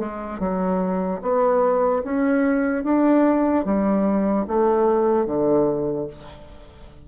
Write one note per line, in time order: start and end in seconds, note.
0.00 0.40 G#3
0.40 1.21 F#3
1.22 2.03 B3
2.04 2.84 C#4
2.84 3.65 D4
3.65 4.46 G3
4.48 5.26 A3
5.26 6.07 D3